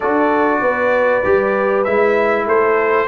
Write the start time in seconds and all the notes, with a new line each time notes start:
0.00 D4 F#4 A4 D5
0.61 B3 B4
1.23 G3 G4
1.84 G#3 E4 E5
2.46 A3 A4 C5